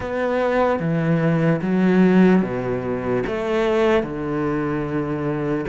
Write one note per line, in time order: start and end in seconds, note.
0.00 0.79 B3
0.79 1.60 E3
1.61 2.42 F#3
2.42 3.23 B2
3.27 4.03 A3
4.03 5.65 D3